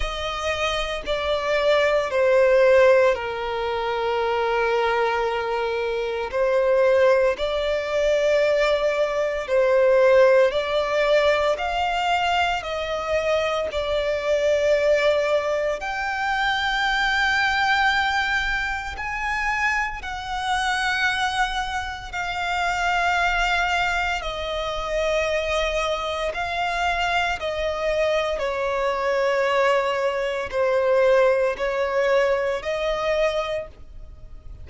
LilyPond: \new Staff \with { instrumentName = "violin" } { \time 4/4 \tempo 4 = 57 dis''4 d''4 c''4 ais'4~ | ais'2 c''4 d''4~ | d''4 c''4 d''4 f''4 | dis''4 d''2 g''4~ |
g''2 gis''4 fis''4~ | fis''4 f''2 dis''4~ | dis''4 f''4 dis''4 cis''4~ | cis''4 c''4 cis''4 dis''4 | }